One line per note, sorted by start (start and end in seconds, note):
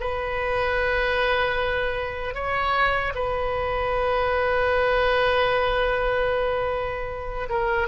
0.00 2.34 B4
2.34 3.13 C#5
3.14 7.49 B4
7.49 7.88 A#4